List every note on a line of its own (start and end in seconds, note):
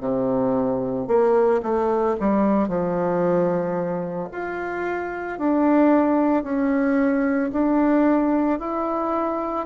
0.00 1.07 C3
1.08 1.61 A#3
1.63 2.16 A3
2.20 2.68 G3
2.68 4.29 F3
4.32 5.39 F4
5.39 6.43 D4
6.43 7.50 C#4
7.52 8.59 D4
8.59 9.66 E4